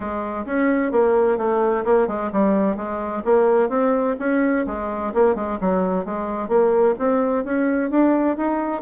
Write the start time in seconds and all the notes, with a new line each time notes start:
0.00 G#3
0.45 C#4
0.91 A#3
1.37 A3
1.85 A#3
2.07 G#3
2.32 G3
2.76 G#3
3.24 A#3
3.69 C4
4.19 C#4
4.66 G#3
5.14 A#3
5.35 G#3
5.60 F#3
6.05 G#3
6.48 A#3
6.98 C4
7.44 C#4
7.90 D4
8.37 D#4